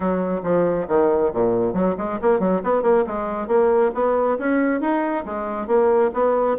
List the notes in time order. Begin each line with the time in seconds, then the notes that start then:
0.00 F#3
0.43 F3
0.88 D#3
1.33 A#2
1.73 F#3
1.97 G#3
2.21 A#3
2.39 F#3
2.63 B3
2.82 A#3
3.06 G#3
3.47 A#3
3.94 B3
4.38 C#4
4.81 D#4
5.25 G#3
5.67 A#3
6.13 B3